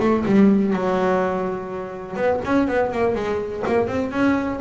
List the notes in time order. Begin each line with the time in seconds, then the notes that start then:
0.00 A3
0.26 G3
0.73 F#3
2.16 B3
2.45 C#4
2.68 B3
2.92 A#3
3.15 G#3
3.67 A#3
3.87 C4
4.11 C#4